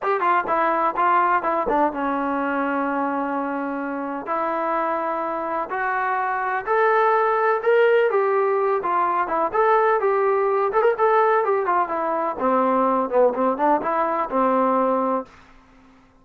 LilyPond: \new Staff \with { instrumentName = "trombone" } { \time 4/4 \tempo 4 = 126 g'8 f'8 e'4 f'4 e'8 d'8 | cis'1~ | cis'4 e'2. | fis'2 a'2 |
ais'4 g'4. f'4 e'8 | a'4 g'4. a'16 ais'16 a'4 | g'8 f'8 e'4 c'4. b8 | c'8 d'8 e'4 c'2 | }